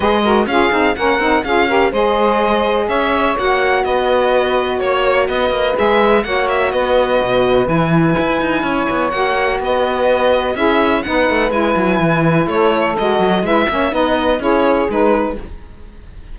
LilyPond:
<<
  \new Staff \with { instrumentName = "violin" } { \time 4/4 \tempo 4 = 125 dis''4 f''4 fis''4 f''4 | dis''2 e''4 fis''4 | dis''2 cis''4 dis''4 | e''4 fis''8 e''8 dis''2 |
gis''2. fis''4 | dis''2 e''4 fis''4 | gis''2 cis''4 dis''4 | e''4 dis''4 cis''4 b'4 | }
  \new Staff \with { instrumentName = "saxophone" } { \time 4/4 b'8 ais'8 gis'4 ais'4 gis'8 ais'8 | c''2 cis''2 | b'2 cis''4 b'4~ | b'4 cis''4 b'2~ |
b'2 cis''2 | b'2 gis'4 b'4~ | b'2 a'2 | b'8 cis''8 b'4 gis'2 | }
  \new Staff \with { instrumentName = "saxophone" } { \time 4/4 gis'8 fis'8 f'8 dis'8 cis'8 dis'8 f'8 g'8 | gis'2. fis'4~ | fis'1 | gis'4 fis'2. |
e'2. fis'4~ | fis'2 e'4 dis'4 | e'2. fis'4 | e'8 cis'8 dis'4 e'4 dis'4 | }
  \new Staff \with { instrumentName = "cello" } { \time 4/4 gis4 cis'8 c'8 ais8 c'8 cis'4 | gis2 cis'4 ais4 | b2 ais4 b8 ais8 | gis4 ais4 b4 b,4 |
e4 e'8 dis'8 cis'8 b8 ais4 | b2 cis'4 b8 a8 | gis8 fis8 e4 a4 gis8 fis8 | gis8 ais8 b4 cis'4 gis4 | }
>>